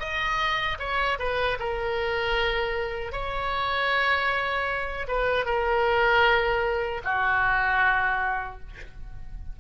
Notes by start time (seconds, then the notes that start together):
0.00 D#5
0.80 C#5
1.19 B4
1.60 A#4
3.13 C#5
5.08 B4
5.46 A#4
7.04 F#4